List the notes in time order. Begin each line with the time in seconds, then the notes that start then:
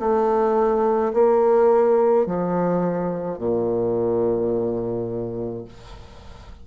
0.00 A3
1.14 A#3
2.27 F3
3.39 A#2